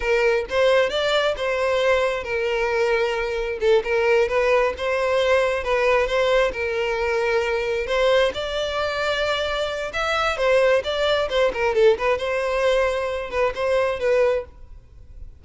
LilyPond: \new Staff \with { instrumentName = "violin" } { \time 4/4 \tempo 4 = 133 ais'4 c''4 d''4 c''4~ | c''4 ais'2. | a'8 ais'4 b'4 c''4.~ | c''8 b'4 c''4 ais'4.~ |
ais'4. c''4 d''4.~ | d''2 e''4 c''4 | d''4 c''8 ais'8 a'8 b'8 c''4~ | c''4. b'8 c''4 b'4 | }